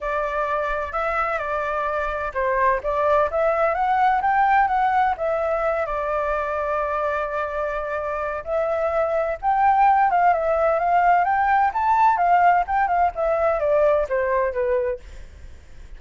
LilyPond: \new Staff \with { instrumentName = "flute" } { \time 4/4 \tempo 4 = 128 d''2 e''4 d''4~ | d''4 c''4 d''4 e''4 | fis''4 g''4 fis''4 e''4~ | e''8 d''2.~ d''8~ |
d''2 e''2 | g''4. f''8 e''4 f''4 | g''4 a''4 f''4 g''8 f''8 | e''4 d''4 c''4 b'4 | }